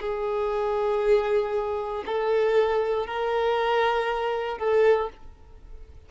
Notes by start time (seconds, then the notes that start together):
0.00 G#4
2.06 A4
3.06 A#4
4.58 A4